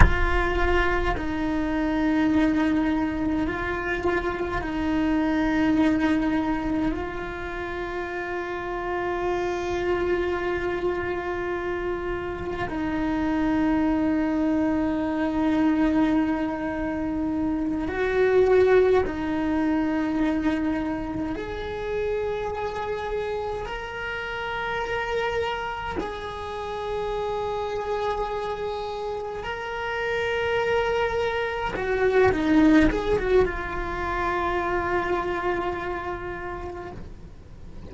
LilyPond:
\new Staff \with { instrumentName = "cello" } { \time 4/4 \tempo 4 = 52 f'4 dis'2 f'4 | dis'2 f'2~ | f'2. dis'4~ | dis'2.~ dis'8 fis'8~ |
fis'8 dis'2 gis'4.~ | gis'8 ais'2 gis'4.~ | gis'4. ais'2 fis'8 | dis'8 gis'16 fis'16 f'2. | }